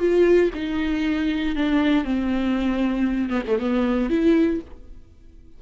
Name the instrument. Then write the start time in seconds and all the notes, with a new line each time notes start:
viola
0.00 F4
0.55 D#4
1.56 D4
2.05 C4
3.30 B3
3.48 A3
3.59 B3
4.10 E4